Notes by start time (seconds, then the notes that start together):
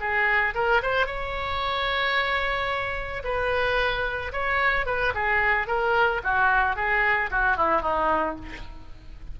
0.00 G#4
0.54 A#4
0.83 C5
1.06 C#5
3.24 B4
4.32 C#5
4.86 B4
5.14 G#4
5.67 A#4
6.24 F#4
6.76 G#4
7.31 F#4
7.57 E4
7.81 D#4